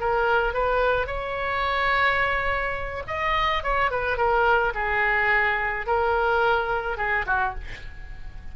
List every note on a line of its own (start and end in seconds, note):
0.00 0.54 A#4
0.54 1.07 B4
1.07 3.03 C#5
3.07 3.63 D#5
3.63 3.90 C#5
3.90 4.17 B4
4.17 4.73 A#4
4.74 5.86 G#4
5.86 6.97 A#4
6.97 7.25 G#4
7.26 7.54 F#4